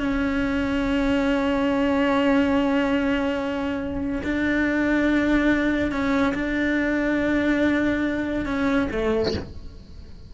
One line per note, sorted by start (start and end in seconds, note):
0.00 4.23 C#4
4.24 5.92 D4
5.92 6.34 C#4
6.35 8.46 D4
8.46 8.88 C#4
8.92 9.34 A3